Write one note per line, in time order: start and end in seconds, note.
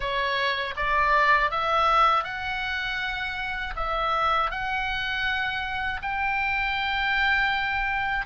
0.00 0.74 C#5
0.76 1.50 D5
1.50 2.24 E5
2.24 3.74 F#5
3.75 4.50 E5
4.50 6.00 F#5
6.01 8.26 G5